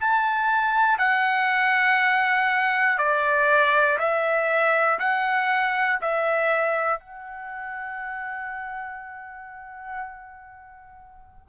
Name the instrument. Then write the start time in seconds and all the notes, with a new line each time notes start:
trumpet
0.00 A5
0.98 F#5
2.98 D5
3.99 E5
4.99 F#5
6.01 E5
6.99 F#5